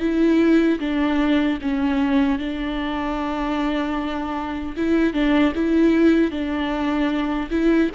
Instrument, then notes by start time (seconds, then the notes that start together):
viola
0.00 E4
0.80 D4
1.62 C#4
2.39 D4
4.77 E4
5.14 D4
5.55 E4
6.31 D4
7.51 E4